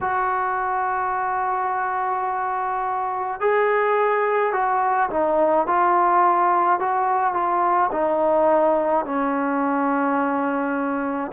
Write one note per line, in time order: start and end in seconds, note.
0.01 3.40 F#4
3.40 4.53 G#4
4.53 5.09 F#4
5.09 5.66 D#4
5.67 6.79 F4
6.79 7.33 F#4
7.33 7.90 F4
7.92 9.05 D#4
9.05 11.32 C#4